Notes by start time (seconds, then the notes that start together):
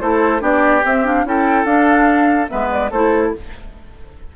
0.00 A3 E4 A4 C5
0.39 B3 D4 G4 D5
0.84 C4 E5
1.04 D4 F5
1.24 C#4 E4 A4 G5
1.64 D4 F5
2.48 G#3 B3 B4 E5
2.71 D5
2.91 A3 E4 A4 C5